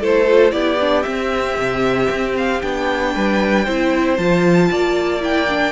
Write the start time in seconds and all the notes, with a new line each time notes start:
0.00 A3 E4 A4 C5
0.27 F4
0.51 B3 E4 G4 D5
0.80 D4
1.02 C4 E5
1.57 C3
2.10 C4
2.37 F5
2.61 B3 D4 G5
3.14 G3 B4
3.64 C4 E4 C5
4.16 F3 F4 A5
4.71 A#3 D5
5.20 E4 G5
5.48 D4